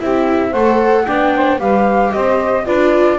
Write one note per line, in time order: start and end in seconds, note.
0.00 0.54 C4
0.00 0.53 E4
0.00 0.51 G4
0.00 0.53 E5
0.51 1.07 A3
0.51 1.07 A4
0.51 1.04 C5
0.51 1.06 F#5
1.06 1.60 B3
1.06 1.60 D4
1.06 1.34 D5
1.06 1.59 G5
1.36 1.61 C5
1.60 2.13 G3
1.60 2.66 G4
1.60 2.14 B4
1.60 2.13 F5
2.13 2.68 C4
2.13 2.65 C5
2.13 2.66 D#5
2.65 3.19 D4
2.65 3.19 F4
2.65 3.19 B4
2.65 3.19 D5